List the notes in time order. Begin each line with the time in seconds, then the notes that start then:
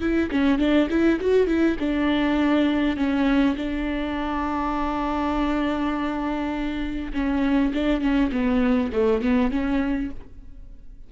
0.00 E4
0.31 C#4
0.58 D4
0.90 E4
1.20 F#4
1.47 E4
1.79 D4
2.96 C#4
3.56 D4
7.13 C#4
7.73 D4
8.01 C#4
8.31 B3
8.92 A3
9.21 B3
9.51 C#4